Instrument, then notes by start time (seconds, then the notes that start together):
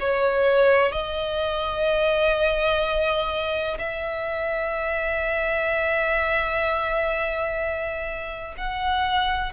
violin
0.00 C#5
0.92 D#5
3.79 E5
8.58 F#5